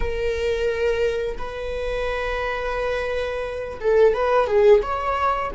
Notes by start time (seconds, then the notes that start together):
0.00 A#4
1.38 B4
3.80 A4
4.13 B4
4.47 G#4
4.82 C#5